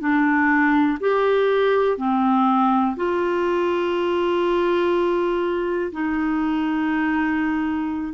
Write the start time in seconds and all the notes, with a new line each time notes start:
0.00 D4
1.00 G4
1.98 C4
2.96 F4
5.92 D#4